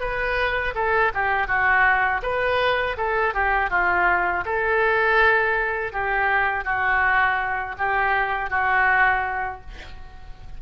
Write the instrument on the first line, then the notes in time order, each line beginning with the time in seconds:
oboe
0.00 B4
0.75 A4
1.14 G4
1.47 F#4
2.23 B4
2.97 A4
3.34 G4
3.70 F4
4.45 A4
5.93 G4
6.65 F#4
7.78 G4
8.50 F#4